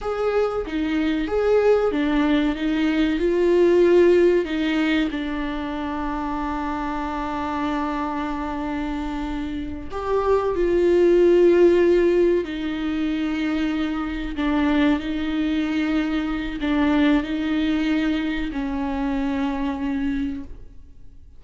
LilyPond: \new Staff \with { instrumentName = "viola" } { \time 4/4 \tempo 4 = 94 gis'4 dis'4 gis'4 d'4 | dis'4 f'2 dis'4 | d'1~ | d'2.~ d'8 g'8~ |
g'8 f'2. dis'8~ | dis'2~ dis'8 d'4 dis'8~ | dis'2 d'4 dis'4~ | dis'4 cis'2. | }